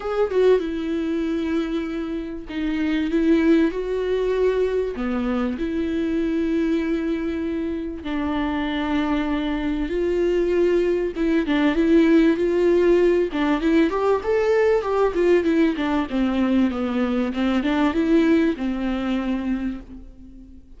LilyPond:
\new Staff \with { instrumentName = "viola" } { \time 4/4 \tempo 4 = 97 gis'8 fis'8 e'2. | dis'4 e'4 fis'2 | b4 e'2.~ | e'4 d'2. |
f'2 e'8 d'8 e'4 | f'4. d'8 e'8 g'8 a'4 | g'8 f'8 e'8 d'8 c'4 b4 | c'8 d'8 e'4 c'2 | }